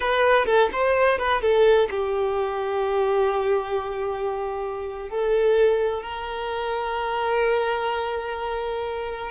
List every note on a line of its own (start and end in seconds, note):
0.00 0.45 B4
0.45 0.69 A4
0.72 1.18 C5
1.18 1.41 B4
1.41 1.89 A4
1.90 5.09 G4
5.09 6.02 A4
6.02 9.31 A#4